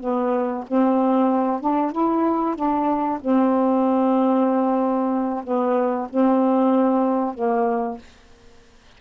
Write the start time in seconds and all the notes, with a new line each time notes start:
0.00 B3
0.67 C4
1.60 D4
1.92 E4
2.55 D4
3.20 C4
5.44 B3
6.10 C4
7.34 A#3